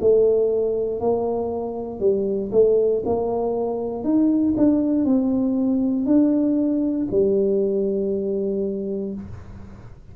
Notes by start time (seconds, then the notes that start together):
0.00 A3
1.00 A#3
1.99 G3
2.52 A3
3.06 A#3
4.04 D#4
4.57 D4
5.05 C4
6.06 D4
7.10 G3